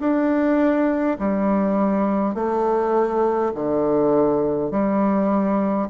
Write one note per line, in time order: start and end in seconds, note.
0.00 1.18 D4
1.19 2.35 G3
2.35 3.52 A3
3.55 4.71 D3
4.71 5.89 G3